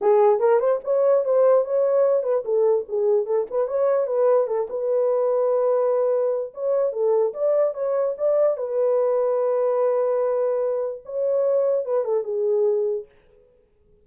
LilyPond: \new Staff \with { instrumentName = "horn" } { \time 4/4 \tempo 4 = 147 gis'4 ais'8 c''8 cis''4 c''4 | cis''4. b'8 a'4 gis'4 | a'8 b'8 cis''4 b'4 a'8 b'8~ | b'1 |
cis''4 a'4 d''4 cis''4 | d''4 b'2.~ | b'2. cis''4~ | cis''4 b'8 a'8 gis'2 | }